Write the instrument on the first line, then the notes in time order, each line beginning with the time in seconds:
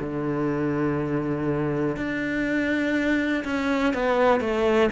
cello
0.00 D3
1.96 D4
3.44 C#4
3.93 B3
4.40 A3